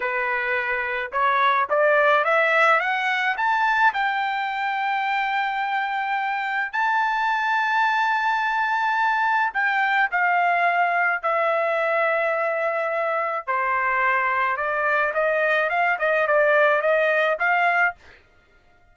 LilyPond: \new Staff \with { instrumentName = "trumpet" } { \time 4/4 \tempo 4 = 107 b'2 cis''4 d''4 | e''4 fis''4 a''4 g''4~ | g''1 | a''1~ |
a''4 g''4 f''2 | e''1 | c''2 d''4 dis''4 | f''8 dis''8 d''4 dis''4 f''4 | }